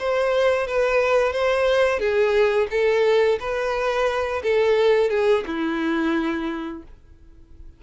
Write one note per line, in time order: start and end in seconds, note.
0.00 0.67 C5
0.67 1.33 B4
1.33 2.00 C5
2.00 2.68 G#4
2.71 3.39 A4
3.40 4.43 B4
4.43 5.10 A4
5.10 5.44 G#4
5.47 6.83 E4